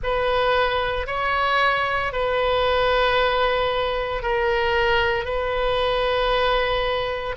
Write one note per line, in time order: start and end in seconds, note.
0.03 1.07 B4
1.07 2.12 C#5
2.12 4.22 B4
4.22 5.24 A#4
5.24 7.35 B4